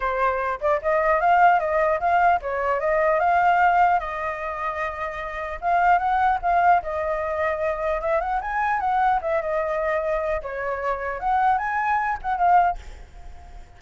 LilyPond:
\new Staff \with { instrumentName = "flute" } { \time 4/4 \tempo 4 = 150 c''4. d''8 dis''4 f''4 | dis''4 f''4 cis''4 dis''4 | f''2 dis''2~ | dis''2 f''4 fis''4 |
f''4 dis''2. | e''8 fis''8 gis''4 fis''4 e''8 dis''8~ | dis''2 cis''2 | fis''4 gis''4. fis''8 f''4 | }